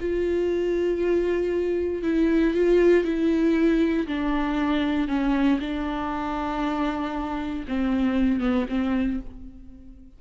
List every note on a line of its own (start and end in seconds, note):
0.00 2.03 F4
2.03 2.54 E4
2.54 3.04 F4
3.04 4.07 E4
4.07 5.08 D4
5.08 5.59 C#4
5.60 7.65 D4
7.68 8.41 C4
8.41 8.66 B3
8.69 9.20 C4